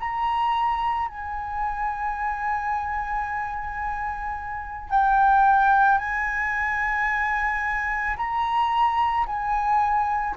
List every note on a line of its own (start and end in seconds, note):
0.00 1.09 A#5
1.09 4.90 G#5
4.90 5.99 G5
5.99 8.17 G#5
8.17 9.26 A#5
9.27 10.36 G#5